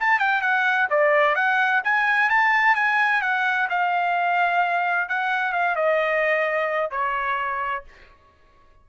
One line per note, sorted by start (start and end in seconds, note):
0.00 0.19 A5
0.19 0.41 G5
0.41 0.88 F#5
0.90 1.36 D5
1.36 1.82 F#5
1.84 2.30 G#5
2.30 2.75 A5
2.75 3.22 G#5
3.22 3.68 F#5
3.70 5.09 F5
5.09 5.53 F#5
5.53 5.76 F5
5.76 6.91 D#5
6.91 7.84 C#5